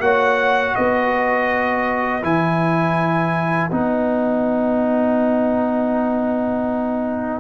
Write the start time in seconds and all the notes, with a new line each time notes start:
0.00 A#3 F#4 C#5 F#5
0.75 B3 B4 D#5
2.22 E3 E4 G#5
3.71 B3 D#4 F#5